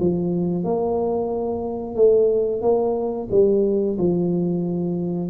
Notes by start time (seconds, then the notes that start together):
0.00 F3
0.64 A#3
1.95 A3
2.62 A#3
3.31 G3
3.98 F3